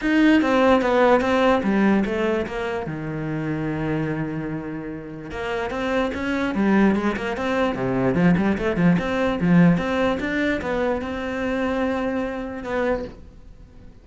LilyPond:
\new Staff \with { instrumentName = "cello" } { \time 4/4 \tempo 4 = 147 dis'4 c'4 b4 c'4 | g4 a4 ais4 dis4~ | dis1~ | dis4 ais4 c'4 cis'4 |
g4 gis8 ais8 c'4 c4 | f8 g8 a8 f8 c'4 f4 | c'4 d'4 b4 c'4~ | c'2. b4 | }